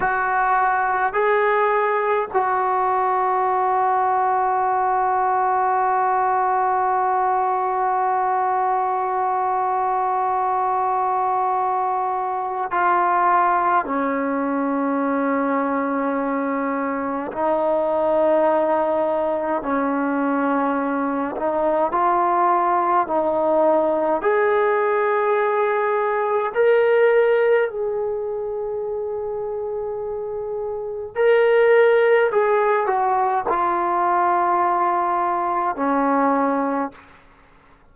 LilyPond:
\new Staff \with { instrumentName = "trombone" } { \time 4/4 \tempo 4 = 52 fis'4 gis'4 fis'2~ | fis'1~ | fis'2. f'4 | cis'2. dis'4~ |
dis'4 cis'4. dis'8 f'4 | dis'4 gis'2 ais'4 | gis'2. ais'4 | gis'8 fis'8 f'2 cis'4 | }